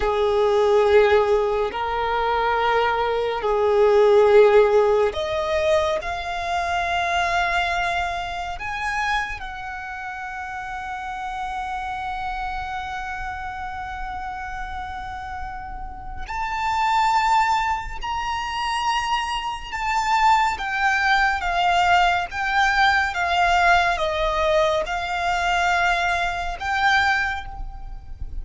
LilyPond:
\new Staff \with { instrumentName = "violin" } { \time 4/4 \tempo 4 = 70 gis'2 ais'2 | gis'2 dis''4 f''4~ | f''2 gis''4 fis''4~ | fis''1~ |
fis''2. a''4~ | a''4 ais''2 a''4 | g''4 f''4 g''4 f''4 | dis''4 f''2 g''4 | }